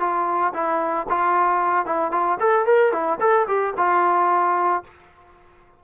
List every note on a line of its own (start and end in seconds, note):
0.00 0.53 F4
0.54 1.07 E4
1.09 1.86 F4
1.86 2.12 E4
2.12 2.38 F4
2.40 2.66 A4
2.66 2.92 A#4
2.92 3.19 E4
3.20 3.47 A4
3.47 3.74 G4
3.77 4.83 F4